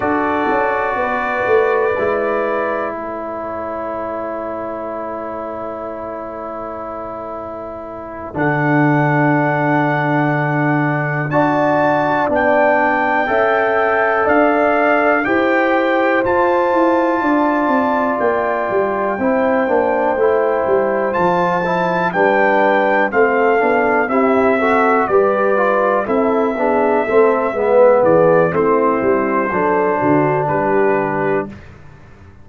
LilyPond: <<
  \new Staff \with { instrumentName = "trumpet" } { \time 4/4 \tempo 4 = 61 d''2. cis''4~ | cis''1~ | cis''8 fis''2. a''8~ | a''8 g''2 f''4 g''8~ |
g''8 a''2 g''4.~ | g''4. a''4 g''4 f''8~ | f''8 e''4 d''4 e''4.~ | e''8 d''8 c''2 b'4 | }
  \new Staff \with { instrumentName = "horn" } { \time 4/4 a'4 b'2 a'4~ | a'1~ | a'2.~ a'8 d''8~ | d''4. e''4 d''4 c''8~ |
c''4. d''2 c''8~ | c''2~ c''8 b'4 a'8~ | a'8 g'8 a'8 b'4 a'8 gis'8 a'8 | b'8 gis'8 e'4 a'8 fis'8 g'4 | }
  \new Staff \with { instrumentName = "trombone" } { \time 4/4 fis'2 e'2~ | e'1~ | e'8 d'2. fis'8~ | fis'8 d'4 a'2 g'8~ |
g'8 f'2. e'8 | d'8 e'4 f'8 e'8 d'4 c'8 | d'8 e'8 fis'8 g'8 f'8 e'8 d'8 c'8 | b4 c'4 d'2 | }
  \new Staff \with { instrumentName = "tuba" } { \time 4/4 d'8 cis'8 b8 a8 gis4 a4~ | a1~ | a8 d2. d'8~ | d'8 b4 cis'4 d'4 e'8~ |
e'8 f'8 e'8 d'8 c'8 ais8 g8 c'8 | ais8 a8 g8 f4 g4 a8 | b8 c'4 g4 c'8 b8 a8 | gis8 e8 a8 g8 fis8 d8 g4 | }
>>